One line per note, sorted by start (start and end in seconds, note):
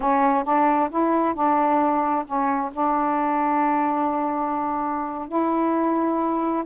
0.00 0.43 C#4
0.44 0.89 D4
0.90 1.34 E4
1.34 2.24 D4
2.25 2.70 C#4
2.72 5.28 D4
5.28 6.64 E4